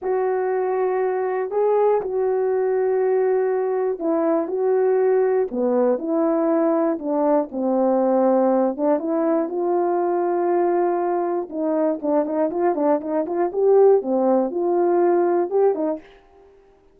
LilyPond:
\new Staff \with { instrumentName = "horn" } { \time 4/4 \tempo 4 = 120 fis'2. gis'4 | fis'1 | e'4 fis'2 b4 | e'2 d'4 c'4~ |
c'4. d'8 e'4 f'4~ | f'2. dis'4 | d'8 dis'8 f'8 d'8 dis'8 f'8 g'4 | c'4 f'2 g'8 dis'8 | }